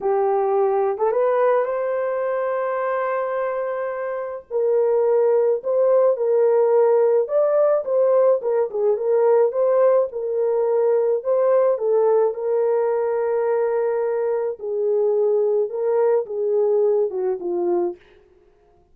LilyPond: \new Staff \with { instrumentName = "horn" } { \time 4/4 \tempo 4 = 107 g'4.~ g'16 a'16 b'4 c''4~ | c''1 | ais'2 c''4 ais'4~ | ais'4 d''4 c''4 ais'8 gis'8 |
ais'4 c''4 ais'2 | c''4 a'4 ais'2~ | ais'2 gis'2 | ais'4 gis'4. fis'8 f'4 | }